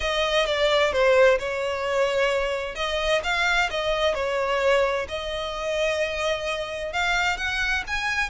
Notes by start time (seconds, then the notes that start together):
0.00 D#5
0.46 D5
0.92 C5
1.38 C#5
2.75 D#5
3.23 F5
3.70 D#5
4.14 C#5
5.08 D#5
6.92 F5
7.37 F#5
7.87 G#5